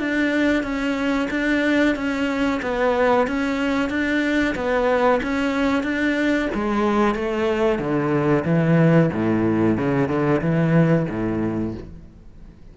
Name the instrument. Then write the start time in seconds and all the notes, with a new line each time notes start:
cello
0.00 D4
0.63 C#4
1.31 D4
1.96 C#4
2.62 B3
3.27 C#4
3.90 D4
4.55 B3
5.23 C#4
5.83 D4
6.55 G#3
7.15 A3
7.79 D3
8.45 E3
9.13 A2
9.78 C#3
10.08 D3
10.41 E3
11.09 A2